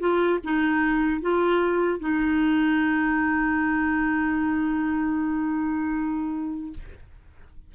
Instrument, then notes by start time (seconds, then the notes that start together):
clarinet
0.00 F4
0.44 D#4
1.22 F4
2.00 D#4